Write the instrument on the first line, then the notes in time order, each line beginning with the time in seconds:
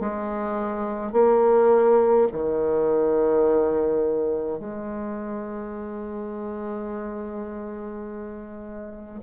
bassoon
0.00 G#3
1.12 A#3
2.32 D#3
4.59 G#3